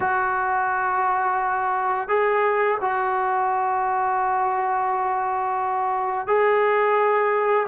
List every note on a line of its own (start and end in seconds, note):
0.00 2.08 F#4
2.08 2.77 G#4
2.80 6.27 F#4
6.27 7.66 G#4